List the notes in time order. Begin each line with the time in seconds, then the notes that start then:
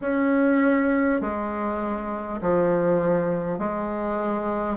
0.01 C#4
1.21 G#3
2.41 F3
3.58 G#3